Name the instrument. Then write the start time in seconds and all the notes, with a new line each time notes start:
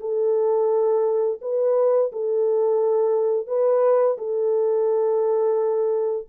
horn
0.00 A4
1.41 B4
2.12 A4
3.47 B4
4.18 A4